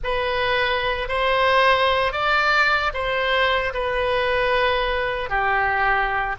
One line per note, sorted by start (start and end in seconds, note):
0.03 1.08 B4
1.08 2.12 C5
2.12 2.92 D5
2.93 3.73 C5
3.73 5.29 B4
5.29 6.35 G4